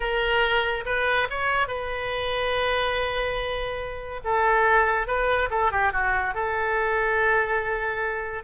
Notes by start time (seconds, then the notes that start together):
0.00 A#4
0.85 B4
1.30 C#5
1.67 B4
4.24 A4
5.07 B4
5.50 A4
5.71 G4
5.92 F#4
6.34 A4